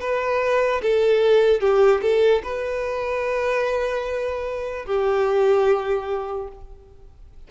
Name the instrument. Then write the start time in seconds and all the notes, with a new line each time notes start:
violin
0.00 B4
0.82 A4
1.60 G4
2.02 A4
2.43 B4
4.86 G4